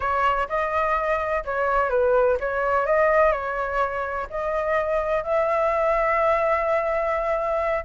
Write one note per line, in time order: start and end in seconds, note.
0.00 0.47 C#5
0.48 1.44 D#5
1.44 1.89 C#5
1.89 2.37 B4
2.40 2.85 C#5
2.85 3.32 D#5
3.32 4.27 C#5
4.30 5.23 D#5
5.23 7.84 E5